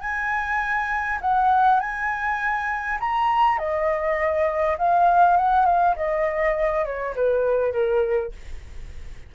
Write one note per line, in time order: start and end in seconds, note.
0.00 1.19 G#5
1.21 1.80 F#5
1.80 2.98 G#5
3.00 3.58 A#5
3.58 4.77 D#5
4.77 5.36 F5
5.36 5.65 F#5
5.65 5.95 F5
5.96 6.85 D#5
6.85 7.14 C#5
7.15 7.72 B4
7.72 8.31 A#4